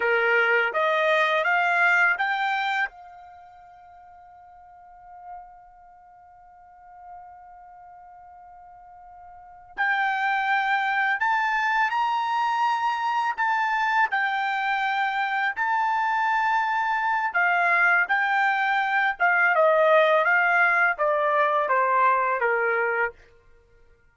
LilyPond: \new Staff \with { instrumentName = "trumpet" } { \time 4/4 \tempo 4 = 83 ais'4 dis''4 f''4 g''4 | f''1~ | f''1~ | f''4. g''2 a''8~ |
a''8 ais''2 a''4 g''8~ | g''4. a''2~ a''8 | f''4 g''4. f''8 dis''4 | f''4 d''4 c''4 ais'4 | }